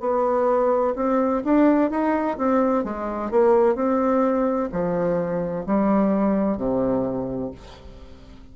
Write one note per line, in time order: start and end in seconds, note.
0.00 0.94 B3
0.96 1.43 C4
1.45 1.90 D4
1.90 2.37 D#4
2.38 2.84 C4
2.84 3.31 G#3
3.31 3.75 A#3
3.75 4.69 C4
4.72 5.66 F3
5.66 6.58 G3
6.58 7.51 C3